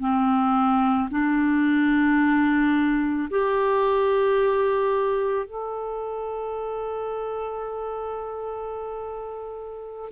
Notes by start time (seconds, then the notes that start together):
0.00 C4
1.11 D4
3.30 G4
5.46 A4